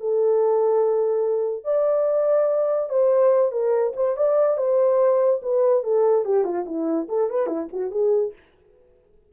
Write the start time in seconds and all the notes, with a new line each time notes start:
0.00 A4
1.64 D5
2.89 C5
3.52 A#4
3.96 C5
4.16 D5
4.57 C5
5.42 B4
5.83 A4
6.25 G4
6.44 F4
6.66 E4
7.09 A4
7.30 B4
7.47 E4
7.72 F#4
7.91 G#4